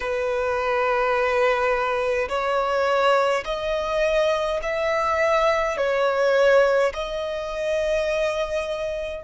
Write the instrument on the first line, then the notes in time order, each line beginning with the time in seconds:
violin
0.00 B4
2.28 C#5
3.44 D#5
4.62 E5
5.77 C#5
6.93 D#5